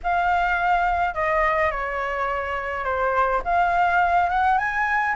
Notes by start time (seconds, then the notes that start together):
0.03 F5
1.14 D#5
1.70 C#5
2.84 C5
3.44 F5
4.29 F#5
4.58 G#5